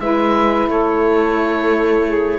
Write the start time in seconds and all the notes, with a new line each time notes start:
0.00 G#3 E4 B4 E5
0.68 A3 A4 C#5
2.08 G#4